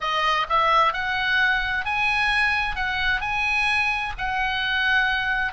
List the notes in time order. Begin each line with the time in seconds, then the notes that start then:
0.00 D#5
0.49 E5
0.93 F#5
1.85 G#5
2.75 F#5
3.20 G#5
4.17 F#5